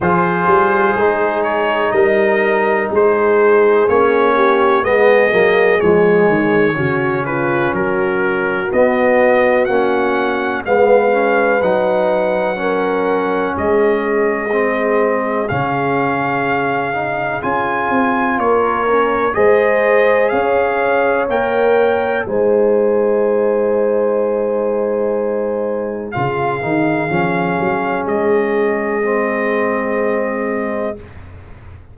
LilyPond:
<<
  \new Staff \with { instrumentName = "trumpet" } { \time 4/4 \tempo 4 = 62 c''4. cis''8 dis''4 c''4 | cis''4 dis''4 cis''4. b'8 | ais'4 dis''4 fis''4 f''4 | fis''2 dis''2 |
f''2 gis''4 cis''4 | dis''4 f''4 g''4 gis''4~ | gis''2. f''4~ | f''4 dis''2. | }
  \new Staff \with { instrumentName = "horn" } { \time 4/4 gis'2 ais'4 gis'4~ | gis'8 g'8 gis'2 fis'8 f'8 | fis'2. b'4~ | b'4 ais'4 gis'2~ |
gis'2. ais'4 | c''4 cis''2 c''4~ | c''2. gis'4~ | gis'1 | }
  \new Staff \with { instrumentName = "trombone" } { \time 4/4 f'4 dis'2. | cis'4 b8 ais8 gis4 cis'4~ | cis'4 b4 cis'4 b8 cis'8 | dis'4 cis'2 c'4 |
cis'4. dis'8 f'4. cis'8 | gis'2 ais'4 dis'4~ | dis'2. f'8 dis'8 | cis'2 c'2 | }
  \new Staff \with { instrumentName = "tuba" } { \time 4/4 f8 g8 gis4 g4 gis4 | ais4 gis8 fis8 f8 dis8 cis4 | fis4 b4 ais4 gis4 | fis2 gis2 |
cis2 cis'8 c'8 ais4 | gis4 cis'4 ais4 gis4~ | gis2. cis8 dis8 | f8 fis8 gis2. | }
>>